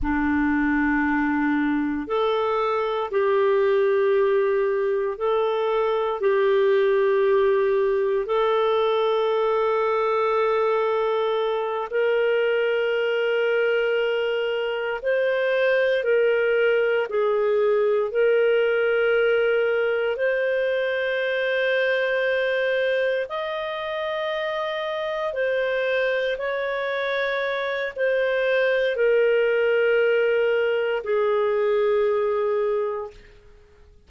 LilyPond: \new Staff \with { instrumentName = "clarinet" } { \time 4/4 \tempo 4 = 58 d'2 a'4 g'4~ | g'4 a'4 g'2 | a'2.~ a'8 ais'8~ | ais'2~ ais'8 c''4 ais'8~ |
ais'8 gis'4 ais'2 c''8~ | c''2~ c''8 dis''4.~ | dis''8 c''4 cis''4. c''4 | ais'2 gis'2 | }